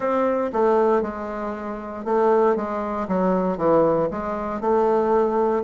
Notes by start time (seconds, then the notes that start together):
0.00 C4
0.53 A3
1.02 G#3
2.05 A3
2.55 G#3
3.07 F#3
3.57 E3
4.10 G#3
4.60 A3